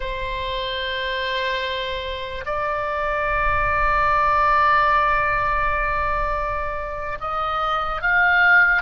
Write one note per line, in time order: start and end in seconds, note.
0.00 2.44 C5
2.45 7.18 D5
7.20 8.01 D#5
8.01 8.82 F5